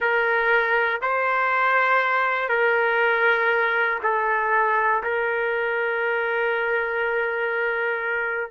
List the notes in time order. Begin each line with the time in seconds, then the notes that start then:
0.00 A#4
1.01 C5
2.49 A#4
4.02 A4
5.03 A#4